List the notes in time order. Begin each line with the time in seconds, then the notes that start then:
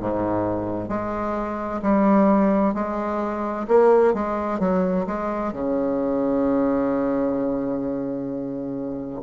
0.00 G#2
0.89 G#3
1.83 G3
2.74 G#3
3.68 A#3
4.14 G#3
4.60 F#3
5.07 G#3
5.53 C#3